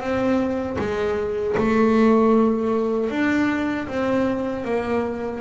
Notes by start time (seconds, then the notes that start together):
0.00 C4
0.78 G#3
1.57 A3
3.10 D4
3.88 C4
4.64 A#3